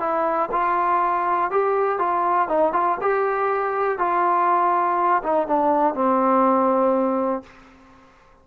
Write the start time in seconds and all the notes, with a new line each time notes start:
0.00 E4
0.52 F4
1.51 G4
1.99 F4
2.48 D#4
2.73 F4
3.01 G4
3.98 F4
5.24 D#4
5.47 D4
5.95 C4